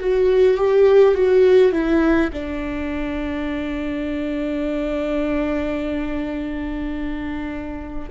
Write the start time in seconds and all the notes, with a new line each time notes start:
0.00 F#4
0.58 G4
1.15 F#4
1.73 E4
2.32 D4